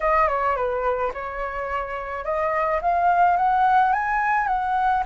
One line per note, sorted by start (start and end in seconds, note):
0.00 0.28 D#5
0.28 0.56 C#5
0.56 1.12 B4
1.13 2.24 C#5
2.24 2.80 D#5
2.81 3.36 F5
3.36 3.92 F#5
3.93 4.47 G#5
4.47 5.03 F#5